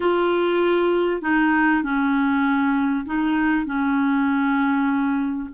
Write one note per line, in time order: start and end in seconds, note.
0.00 1.21 F4
1.21 1.82 D#4
1.82 3.05 C#4
3.05 3.65 D#4
3.65 5.49 C#4